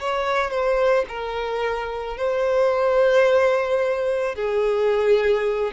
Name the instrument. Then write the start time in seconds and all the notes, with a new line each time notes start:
violin
0.00 C#5
0.51 C5
1.09 A#4
2.17 C5
4.35 G#4